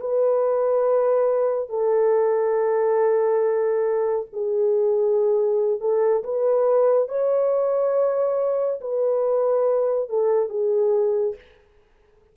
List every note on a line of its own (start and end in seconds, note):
0.00 1.69 B4
1.69 4.27 A4
4.33 5.80 G#4
5.80 6.23 A4
6.23 7.09 B4
7.09 8.80 C#5
8.81 10.09 B4
10.09 10.50 A4
10.50 11.35 G#4